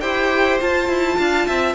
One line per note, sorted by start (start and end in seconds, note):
0.00 0.60 E4
0.00 0.60 G4
0.00 1.18 C5
0.00 0.58 G5
0.60 1.75 F4
0.60 0.88 F4
0.60 1.75 A5
0.88 1.17 E4
1.18 1.47 D4
1.18 1.46 F5
1.46 1.75 C4
1.46 1.75 E5